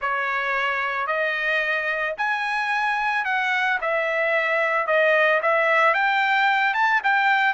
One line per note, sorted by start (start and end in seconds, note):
0.01 1.06 C#5
1.06 2.14 D#5
2.17 3.24 G#5
3.24 3.78 F#5
3.81 4.86 E5
4.86 5.41 D#5
5.42 5.93 E5
5.93 6.74 G5
6.74 7.01 A5
7.03 7.53 G5